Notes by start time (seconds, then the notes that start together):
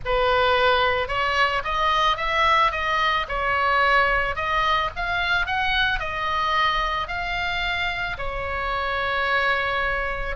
0.05 B4
1.08 C#5
1.64 D#5
2.17 E5
2.71 D#5
3.28 C#5
4.35 D#5
4.96 F5
5.46 F#5
5.99 D#5
7.07 F5
8.17 C#5